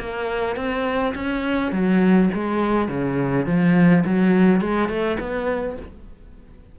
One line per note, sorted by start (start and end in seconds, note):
0.00 0.56 A#3
0.56 1.14 C4
1.15 1.73 C#4
1.73 2.30 F#3
2.34 2.89 G#3
2.89 3.46 C#3
3.46 4.04 F3
4.05 4.61 F#3
4.61 4.89 G#3
4.89 5.18 A3
5.20 5.77 B3